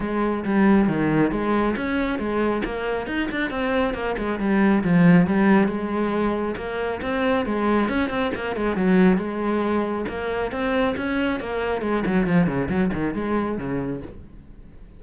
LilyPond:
\new Staff \with { instrumentName = "cello" } { \time 4/4 \tempo 4 = 137 gis4 g4 dis4 gis4 | cis'4 gis4 ais4 dis'8 d'8 | c'4 ais8 gis8 g4 f4 | g4 gis2 ais4 |
c'4 gis4 cis'8 c'8 ais8 gis8 | fis4 gis2 ais4 | c'4 cis'4 ais4 gis8 fis8 | f8 cis8 fis8 dis8 gis4 cis4 | }